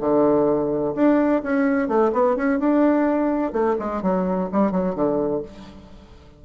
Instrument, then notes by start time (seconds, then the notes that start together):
bassoon
0.00 D3
0.95 D4
1.43 C#4
1.88 A3
2.13 B3
2.36 C#4
2.59 D4
3.52 A3
3.79 G#3
4.02 F#3
4.52 G3
4.71 F#3
4.95 D3